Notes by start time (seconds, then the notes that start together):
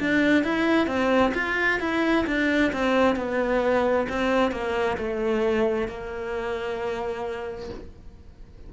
0.00 D4
0.44 E4
0.87 C4
1.34 F4
1.80 E4
2.27 D4
2.73 C4
3.16 B3
4.09 C4
4.52 A#3
4.98 A3
5.88 A#3